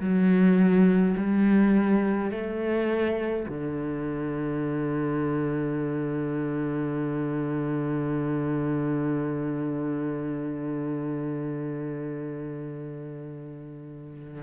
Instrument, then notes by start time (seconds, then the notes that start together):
cello
0.00 F#3
1.17 G3
2.31 A3
3.48 D3